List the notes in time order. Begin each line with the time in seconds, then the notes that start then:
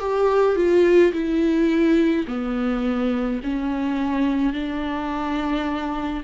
0.00 G4
0.56 F4
1.13 E4
2.28 B3
3.44 C#4
4.54 D4